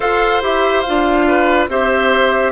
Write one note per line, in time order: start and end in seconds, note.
0.00 0.42 F4
0.00 0.42 A4
0.00 1.25 C5
0.00 0.42 F5
0.42 0.84 E4
0.42 0.84 G4
0.42 0.81 E5
0.81 1.69 F4
0.81 1.65 F5
0.88 1.68 D4
1.27 1.69 B4
1.68 2.52 C4
1.68 2.52 G4
1.68 2.52 C5
1.68 2.52 E5